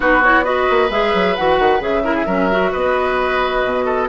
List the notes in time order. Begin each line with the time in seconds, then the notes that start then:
0.00 B3 D#4 F#4 B4
0.23 E4 C#5
0.44 F#4 B4 D#5
0.70 A#3
0.90 G#3 G#4 E5
1.14 F#3
1.35 E3 F#4 F#5
1.59 D#3
1.80 C#3 G#4 E5
2.03 E4 A#4
2.14 G#4
2.25 F#3 C#4 A#4
2.51 F#4
2.71 B3 B4 D#5
3.63 B2
3.85 A4